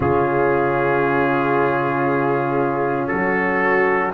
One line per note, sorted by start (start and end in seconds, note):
0.00 3.10 C#3
0.00 4.13 C#4
0.00 3.09 F4
0.00 3.07 G#4
3.07 4.13 F#3
3.07 4.12 F#4
3.07 4.11 A4